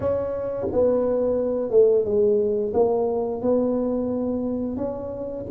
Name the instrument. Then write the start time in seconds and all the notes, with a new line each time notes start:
tuba
0.00 C#4
0.72 B3
1.70 A3
2.04 G#3
2.73 A#3
3.41 B3
4.76 C#4